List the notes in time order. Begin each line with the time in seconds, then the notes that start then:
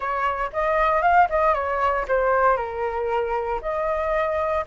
0.00 C#5
0.52 D#5
1.02 F5
1.29 D#5
1.54 C#5
2.08 C5
2.57 A#4
3.61 D#5